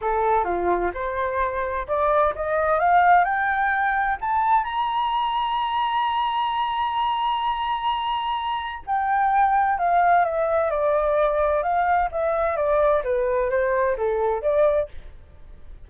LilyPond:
\new Staff \with { instrumentName = "flute" } { \time 4/4 \tempo 4 = 129 a'4 f'4 c''2 | d''4 dis''4 f''4 g''4~ | g''4 a''4 ais''2~ | ais''1~ |
ais''2. g''4~ | g''4 f''4 e''4 d''4~ | d''4 f''4 e''4 d''4 | b'4 c''4 a'4 d''4 | }